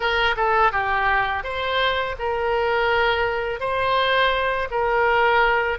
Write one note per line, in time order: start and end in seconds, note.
0.00 0.35 A#4
0.36 0.72 A4
0.72 1.43 G4
1.43 2.15 C5
2.19 3.59 A#4
3.59 4.68 C5
4.71 5.78 A#4